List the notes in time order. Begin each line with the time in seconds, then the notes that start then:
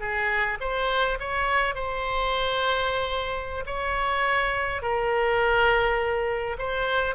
0.00 G#4
0.60 C5
1.19 C#5
1.75 C5
3.66 C#5
4.82 A#4
6.58 C5